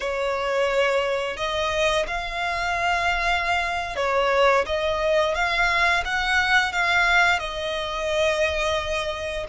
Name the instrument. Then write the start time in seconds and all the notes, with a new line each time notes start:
violin
0.00 C#5
1.36 D#5
2.07 F5
3.96 C#5
4.66 D#5
5.34 F5
6.04 F#5
6.72 F5
7.39 D#5